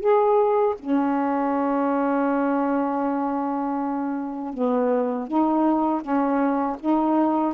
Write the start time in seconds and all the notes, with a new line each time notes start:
0.00 G#4
0.80 C#4
4.54 B3
5.28 D#4
6.02 C#4
6.80 D#4